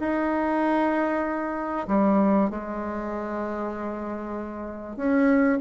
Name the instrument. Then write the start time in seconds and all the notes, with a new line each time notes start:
bassoon
0.00 D#4
1.88 G3
2.50 G#3
4.97 C#4